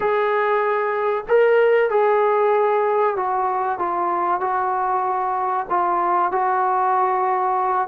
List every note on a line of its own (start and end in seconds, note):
0.00 1.24 G#4
1.28 1.89 A#4
1.89 3.16 G#4
3.16 3.78 F#4
3.78 4.40 F4
4.40 5.66 F#4
5.69 6.31 F4
6.31 7.88 F#4